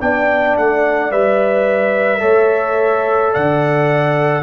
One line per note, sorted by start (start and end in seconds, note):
0.00 0.57 B3
0.00 1.11 D4
0.00 2.21 D5
0.00 0.56 G5
0.57 1.11 A3
0.57 1.12 F#5
1.11 2.22 G3
1.11 2.20 B4
1.11 3.34 E5
2.20 3.33 A3
2.20 4.42 A4
2.20 3.32 C#5
3.32 4.43 D3
3.32 4.43 D5
3.32 4.43 F#5